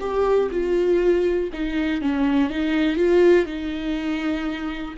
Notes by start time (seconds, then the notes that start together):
0.00 G4
0.51 F4
1.53 D#4
2.02 C#4
2.50 D#4
2.96 F4
3.46 D#4